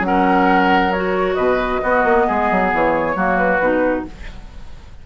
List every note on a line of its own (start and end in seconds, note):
0.00 1.34 F#3
0.00 0.92 C#4
0.00 0.92 F#5
0.07 1.36 A#4
0.92 1.83 F#4
0.92 1.34 C#5
1.34 1.82 B2
1.34 1.81 B4
1.34 2.68 D#5
1.83 2.04 B3
1.83 3.15 B3
1.83 2.27 F#4
2.04 2.27 A#3
2.27 2.51 G#3
2.27 3.16 G#4
2.51 2.73 F#3
2.73 3.15 E3
2.73 3.38 C#5
3.15 3.60 F#3
3.15 3.60 A#3
3.15 4.06 F#4
3.38 4.05 B4
3.60 4.05 B2
3.60 4.06 D#4